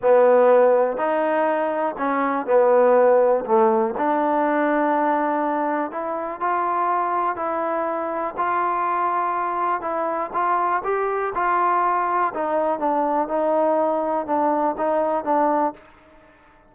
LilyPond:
\new Staff \with { instrumentName = "trombone" } { \time 4/4 \tempo 4 = 122 b2 dis'2 | cis'4 b2 a4 | d'1 | e'4 f'2 e'4~ |
e'4 f'2. | e'4 f'4 g'4 f'4~ | f'4 dis'4 d'4 dis'4~ | dis'4 d'4 dis'4 d'4 | }